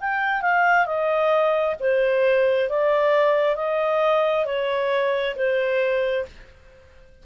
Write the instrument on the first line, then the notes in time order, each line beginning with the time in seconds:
clarinet
0.00 G5
0.41 F5
0.85 D#5
1.80 C5
2.69 D5
3.55 D#5
4.45 C#5
5.35 C5